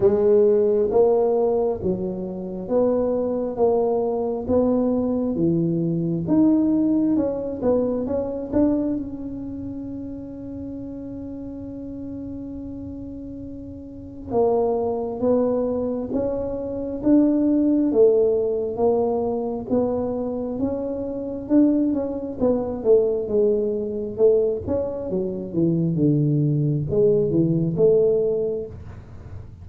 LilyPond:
\new Staff \with { instrumentName = "tuba" } { \time 4/4 \tempo 4 = 67 gis4 ais4 fis4 b4 | ais4 b4 e4 dis'4 | cis'8 b8 cis'8 d'8 cis'2~ | cis'1 |
ais4 b4 cis'4 d'4 | a4 ais4 b4 cis'4 | d'8 cis'8 b8 a8 gis4 a8 cis'8 | fis8 e8 d4 gis8 e8 a4 | }